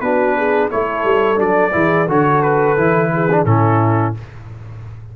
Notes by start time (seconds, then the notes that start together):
0.00 B3 D4 F#4 B4
0.37 G#4
0.69 A3 E4 A4 C#5
1.04 G3
1.36 F#3 D4 D5
1.72 E3 E4 G#4
2.07 D3 F#4 A4 C#5
2.42 B4
2.77 E3 E4
3.13 G#4
3.31 D4
3.45 A2 C#4 E4 A4